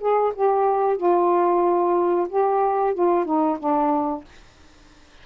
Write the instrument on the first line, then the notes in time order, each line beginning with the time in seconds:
saxophone
0.00 G#4
0.35 G4
0.97 F4
2.29 G4
2.94 F4
3.25 D#4
3.59 D4